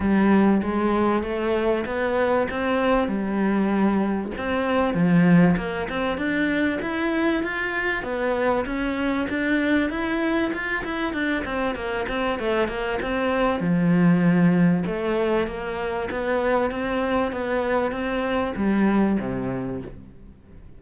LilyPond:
\new Staff \with { instrumentName = "cello" } { \time 4/4 \tempo 4 = 97 g4 gis4 a4 b4 | c'4 g2 c'4 | f4 ais8 c'8 d'4 e'4 | f'4 b4 cis'4 d'4 |
e'4 f'8 e'8 d'8 c'8 ais8 c'8 | a8 ais8 c'4 f2 | a4 ais4 b4 c'4 | b4 c'4 g4 c4 | }